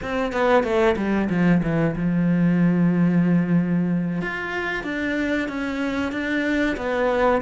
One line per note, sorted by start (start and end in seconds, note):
0.02 0.32 C4
0.32 0.63 B3
0.63 0.95 A3
0.96 1.28 G3
1.29 1.62 F3
1.62 1.95 E3
1.96 4.21 F3
4.21 4.83 F4
4.83 5.48 D4
5.48 6.11 C#4
6.11 6.76 D4
6.77 7.41 B3